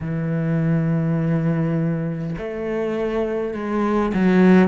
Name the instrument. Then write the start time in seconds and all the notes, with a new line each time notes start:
cello
0.01 E3
2.37 A3
3.53 G#3
4.13 F#3